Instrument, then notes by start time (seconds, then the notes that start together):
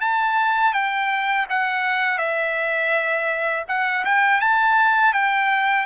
trumpet
0.00 A5
0.73 G5
1.49 F#5
2.18 E5
3.68 F#5
4.04 G5
4.40 A5
5.13 G5